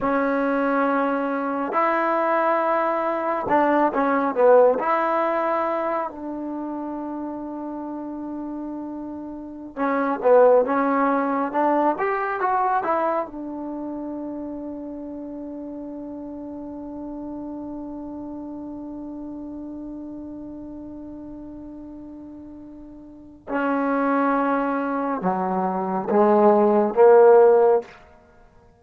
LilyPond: \new Staff \with { instrumentName = "trombone" } { \time 4/4 \tempo 4 = 69 cis'2 e'2 | d'8 cis'8 b8 e'4. d'4~ | d'2.~ d'16 cis'8 b16~ | b16 cis'4 d'8 g'8 fis'8 e'8 d'8.~ |
d'1~ | d'1~ | d'2. cis'4~ | cis'4 fis4 gis4 ais4 | }